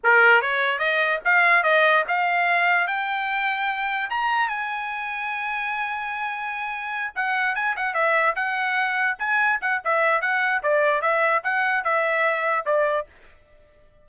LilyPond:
\new Staff \with { instrumentName = "trumpet" } { \time 4/4 \tempo 4 = 147 ais'4 cis''4 dis''4 f''4 | dis''4 f''2 g''4~ | g''2 ais''4 gis''4~ | gis''1~ |
gis''4. fis''4 gis''8 fis''8 e''8~ | e''8 fis''2 gis''4 fis''8 | e''4 fis''4 d''4 e''4 | fis''4 e''2 d''4 | }